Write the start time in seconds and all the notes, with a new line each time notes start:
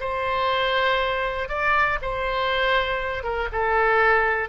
0.00 C5
1.48 D5
2.02 C5
3.23 A#4
3.52 A4